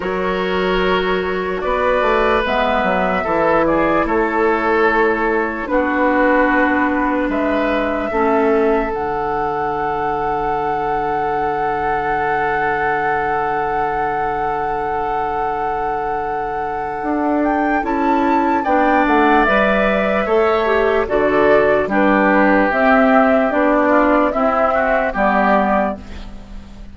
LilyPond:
<<
  \new Staff \with { instrumentName = "flute" } { \time 4/4 \tempo 4 = 74 cis''2 d''4 e''4~ | e''8 d''8 cis''2 b'4~ | b'4 e''2 fis''4~ | fis''1~ |
fis''1~ | fis''4. g''8 a''4 g''8 fis''8 | e''2 d''4 b'4 | e''4 d''4 e''4 d''4 | }
  \new Staff \with { instrumentName = "oboe" } { \time 4/4 ais'2 b'2 | a'8 gis'8 a'2 fis'4~ | fis'4 b'4 a'2~ | a'1~ |
a'1~ | a'2. d''4~ | d''4 cis''4 a'4 g'4~ | g'4. f'8 e'8 fis'8 g'4 | }
  \new Staff \with { instrumentName = "clarinet" } { \time 4/4 fis'2. b4 | e'2. d'4~ | d'2 cis'4 d'4~ | d'1~ |
d'1~ | d'2 e'4 d'4 | b'4 a'8 g'8 fis'4 d'4 | c'4 d'4 c'4 b4 | }
  \new Staff \with { instrumentName = "bassoon" } { \time 4/4 fis2 b8 a8 gis8 fis8 | e4 a2 b4~ | b4 gis4 a4 d4~ | d1~ |
d1~ | d4 d'4 cis'4 b8 a8 | g4 a4 d4 g4 | c'4 b4 c'4 g4 | }
>>